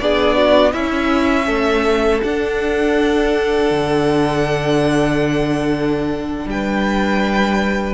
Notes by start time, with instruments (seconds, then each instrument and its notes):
0.00 cello B3, viola D4, violin G#4 D5
0.38 violin F#4
0.73 viola C#4, cello C#4, violin E4 E5
1.47 cello A3, violin A4
2.24 cello D4, viola D4, violin F#5
3.71 cello D3
6.47 cello G3, violin B4 G5